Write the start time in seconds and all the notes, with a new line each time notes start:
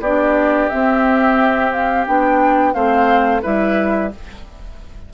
0.00 B3 D4 G4 D5
0.69 C4 E5
1.72 F5
2.07 B3 D4 G5
2.74 A3 C4 C5 F5
3.42 G3 E4 B4 E5